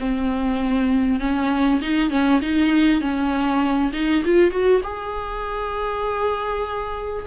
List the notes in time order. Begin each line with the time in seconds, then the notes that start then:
0.00 C4
1.20 C#4
1.82 D#4
2.11 C#4
2.42 D#4
3.02 C#4
3.94 D#4
4.26 F4
4.52 F#4
4.84 G#4